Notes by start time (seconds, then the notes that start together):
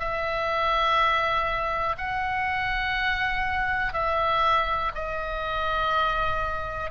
0.00 E5
1.98 F#5
3.94 E5
4.95 D#5